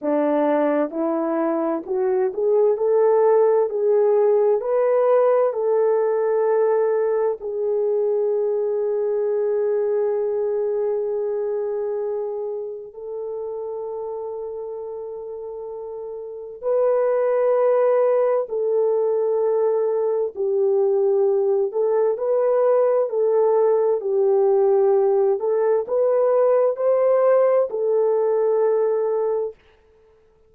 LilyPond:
\new Staff \with { instrumentName = "horn" } { \time 4/4 \tempo 4 = 65 d'4 e'4 fis'8 gis'8 a'4 | gis'4 b'4 a'2 | gis'1~ | gis'2 a'2~ |
a'2 b'2 | a'2 g'4. a'8 | b'4 a'4 g'4. a'8 | b'4 c''4 a'2 | }